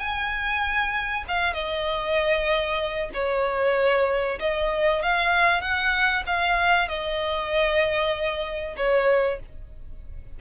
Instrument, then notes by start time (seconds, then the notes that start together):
violin
0.00 G#5
1.29 F5
1.54 D#5
3.14 C#5
4.40 D#5
5.03 F5
5.62 F#5
6.27 F5
6.89 D#5
8.78 C#5